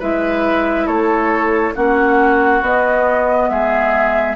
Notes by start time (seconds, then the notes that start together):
0.00 G#3 E4 B4 E5
0.87 A3 A4 C#5
1.75 A#3 C#4 F#4 F#5
2.62 B3 D#5
3.49 G#3 G#4 E5